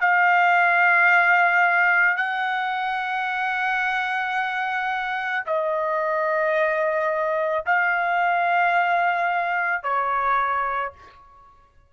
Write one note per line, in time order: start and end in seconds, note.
0.00 2.16 F5
2.16 5.43 F#5
5.45 7.64 D#5
7.66 9.83 F5
9.83 10.92 C#5